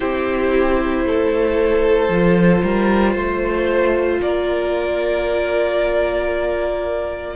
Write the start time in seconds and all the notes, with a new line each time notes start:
0.00 C4 E4 G4 C5
1.04 A3 A4
2.09 F3 F4
2.63 G3 A#4
3.13 A3 C5
4.21 A#3 A#4 D5